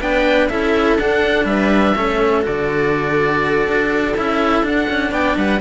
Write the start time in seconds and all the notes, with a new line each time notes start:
0.00 B3 D4 B4 G5
0.49 C#4 E4 A4 E5
0.98 D4 F#5
1.44 G3 B4 E5
1.95 A3 C#4 A4
2.42 D3 F#4 D5
3.67 D4
4.17 C#4 E4 E5
4.62 D4 F#5
4.89 C#4
5.11 B3 D5 G5
5.37 G3 B4 F#5